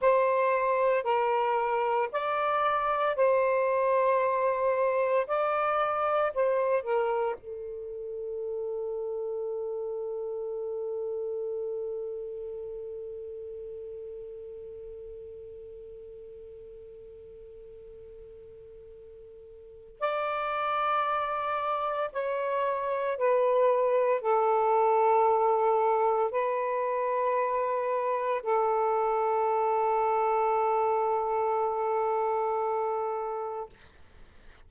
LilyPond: \new Staff \with { instrumentName = "saxophone" } { \time 4/4 \tempo 4 = 57 c''4 ais'4 d''4 c''4~ | c''4 d''4 c''8 ais'8 a'4~ | a'1~ | a'1~ |
a'2. d''4~ | d''4 cis''4 b'4 a'4~ | a'4 b'2 a'4~ | a'1 | }